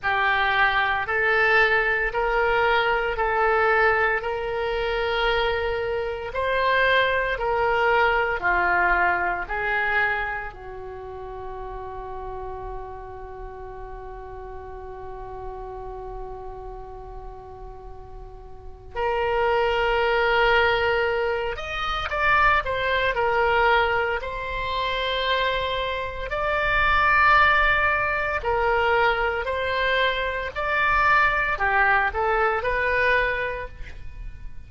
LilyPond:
\new Staff \with { instrumentName = "oboe" } { \time 4/4 \tempo 4 = 57 g'4 a'4 ais'4 a'4 | ais'2 c''4 ais'4 | f'4 gis'4 fis'2~ | fis'1~ |
fis'2 ais'2~ | ais'8 dis''8 d''8 c''8 ais'4 c''4~ | c''4 d''2 ais'4 | c''4 d''4 g'8 a'8 b'4 | }